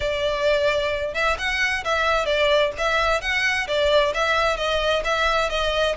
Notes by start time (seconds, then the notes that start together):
0.00 D5
1.13 E5
1.38 F#5
1.84 E5
2.25 D5
2.78 E5
3.21 F#5
3.67 D5
4.14 E5
4.57 D#5
5.04 E5
5.49 D#5